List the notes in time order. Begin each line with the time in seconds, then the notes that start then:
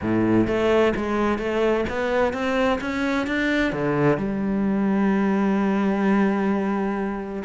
0.01 A2
0.47 A3
0.95 G#3
1.38 A3
1.89 B3
2.33 C4
2.80 C#4
3.26 D4
3.72 D3
4.17 G3